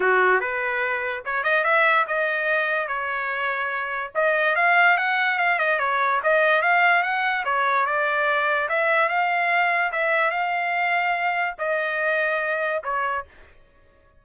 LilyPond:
\new Staff \with { instrumentName = "trumpet" } { \time 4/4 \tempo 4 = 145 fis'4 b'2 cis''8 dis''8 | e''4 dis''2 cis''4~ | cis''2 dis''4 f''4 | fis''4 f''8 dis''8 cis''4 dis''4 |
f''4 fis''4 cis''4 d''4~ | d''4 e''4 f''2 | e''4 f''2. | dis''2. cis''4 | }